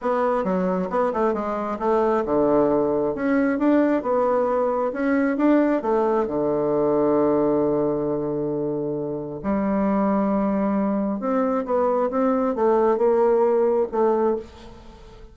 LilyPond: \new Staff \with { instrumentName = "bassoon" } { \time 4/4 \tempo 4 = 134 b4 fis4 b8 a8 gis4 | a4 d2 cis'4 | d'4 b2 cis'4 | d'4 a4 d2~ |
d1~ | d4 g2.~ | g4 c'4 b4 c'4 | a4 ais2 a4 | }